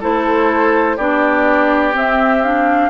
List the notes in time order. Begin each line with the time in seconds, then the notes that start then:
0.00 A3 E4 A4 C5
0.97 B3 D4 G4 D5
1.93 C4 E5
2.43 D4 F5